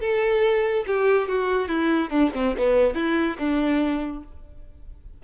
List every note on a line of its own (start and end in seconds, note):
0.00 0.85 A4
0.86 1.28 G4
1.28 1.68 F#4
1.68 2.09 E4
2.09 2.30 D4
2.34 2.55 C4
2.57 2.94 B3
2.94 3.36 E4
3.38 4.22 D4